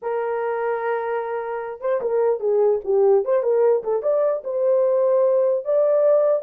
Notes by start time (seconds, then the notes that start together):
0.01 A#4
1.80 C5
2.01 A#4
2.40 G#4
2.84 G4
3.25 C5
3.42 A#4
3.83 A4
4.02 D5
4.44 C5
5.64 D5